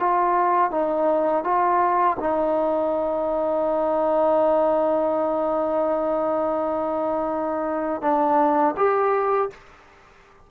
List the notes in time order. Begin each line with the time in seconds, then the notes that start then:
0.00 F4
0.71 D#4
1.44 F4
2.20 D#4
8.02 D4
8.77 G4